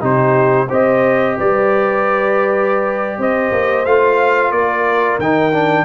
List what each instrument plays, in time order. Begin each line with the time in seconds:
0.00 tuba C3, trombone D#4, horn G4, trumpet C5
0.68 tuba C4, trombone G4, horn C5, trumpet D#5
1.37 tuba G3, horn B4, trumpet D5
3.18 tuba C4, horn C5, trumpet D#5
3.52 tuba A#3
3.85 tuba A3, trombone F4, trumpet F5
4.51 tuba A#3, horn A#4, trumpet D5
5.18 tuba D#3, trombone D#4, trumpet G5
5.52 trombone D4